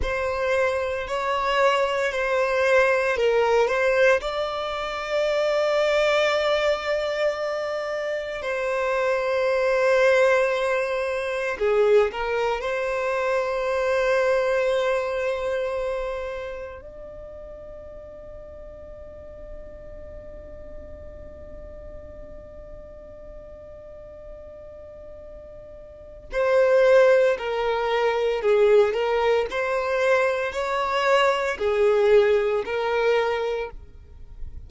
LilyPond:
\new Staff \with { instrumentName = "violin" } { \time 4/4 \tempo 4 = 57 c''4 cis''4 c''4 ais'8 c''8 | d''1 | c''2. gis'8 ais'8 | c''1 |
d''1~ | d''1~ | d''4 c''4 ais'4 gis'8 ais'8 | c''4 cis''4 gis'4 ais'4 | }